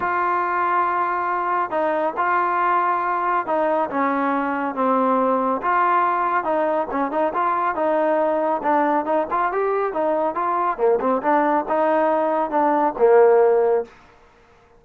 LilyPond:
\new Staff \with { instrumentName = "trombone" } { \time 4/4 \tempo 4 = 139 f'1 | dis'4 f'2. | dis'4 cis'2 c'4~ | c'4 f'2 dis'4 |
cis'8 dis'8 f'4 dis'2 | d'4 dis'8 f'8 g'4 dis'4 | f'4 ais8 c'8 d'4 dis'4~ | dis'4 d'4 ais2 | }